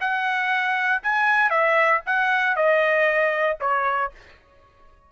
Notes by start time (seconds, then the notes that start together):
0.00 F#5
1.02 G#5
1.50 E5
2.06 F#5
2.56 D#5
3.60 C#5